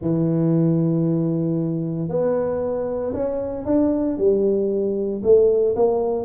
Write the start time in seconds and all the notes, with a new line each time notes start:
0.01 E3
2.08 B3
3.13 C#4
3.65 D4
4.17 G3
5.23 A3
5.75 A#3